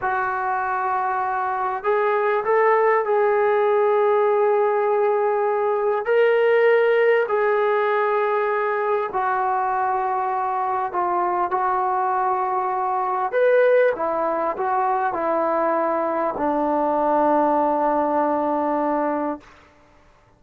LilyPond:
\new Staff \with { instrumentName = "trombone" } { \time 4/4 \tempo 4 = 99 fis'2. gis'4 | a'4 gis'2.~ | gis'2 ais'2 | gis'2. fis'4~ |
fis'2 f'4 fis'4~ | fis'2 b'4 e'4 | fis'4 e'2 d'4~ | d'1 | }